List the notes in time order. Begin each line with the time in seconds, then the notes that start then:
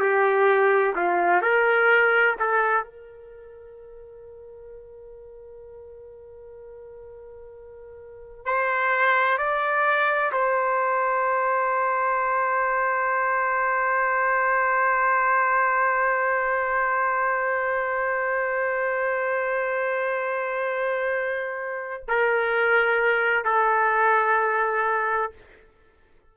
0.00 G4
0.95 F4
1.41 A#4
2.39 A4
2.83 A#4
8.45 C5
9.37 D5
10.32 C5
22.07 A#4
23.44 A4